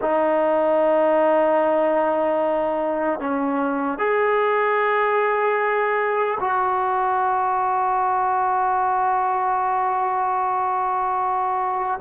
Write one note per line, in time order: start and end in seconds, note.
0.01 3.20 D#4
3.20 3.98 C#4
3.98 6.38 G#4
6.40 12.00 F#4